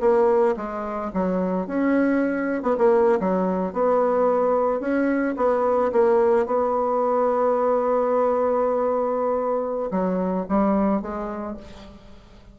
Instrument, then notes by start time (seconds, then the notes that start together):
bassoon
0.00 A#3
0.56 G#3
1.13 F#3
1.67 C#4
2.62 B3
2.77 A#3
3.20 F#3
3.73 B3
4.80 C#4
5.36 B3
5.92 A#3
6.46 B3
9.91 F#3
10.48 G3
11.01 G#3